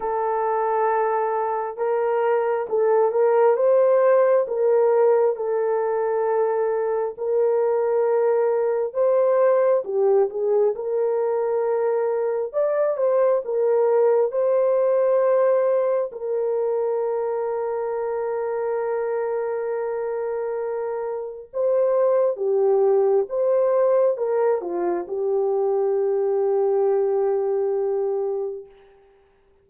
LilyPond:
\new Staff \with { instrumentName = "horn" } { \time 4/4 \tempo 4 = 67 a'2 ais'4 a'8 ais'8 | c''4 ais'4 a'2 | ais'2 c''4 g'8 gis'8 | ais'2 d''8 c''8 ais'4 |
c''2 ais'2~ | ais'1 | c''4 g'4 c''4 ais'8 f'8 | g'1 | }